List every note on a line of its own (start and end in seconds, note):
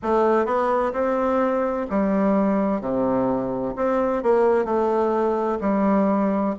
0.02 0.45 A3
0.45 0.92 B3
0.92 1.86 C4
1.90 2.80 G3
2.80 3.74 C3
3.75 4.22 C4
4.22 4.64 A#3
4.64 5.58 A3
5.60 6.54 G3